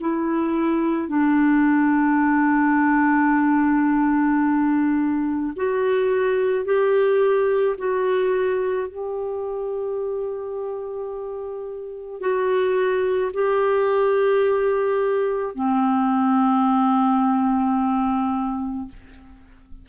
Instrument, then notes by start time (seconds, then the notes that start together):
clarinet
0.00 E4
1.08 D4
5.56 F#4
6.65 G4
7.78 F#4
8.88 G4
12.20 F#4
13.33 G4
15.55 C4